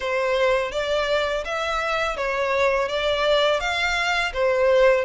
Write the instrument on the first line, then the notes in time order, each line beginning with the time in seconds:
violin
0.00 C5
0.71 D5
1.45 E5
2.17 C#5
2.88 D5
3.60 F5
4.33 C5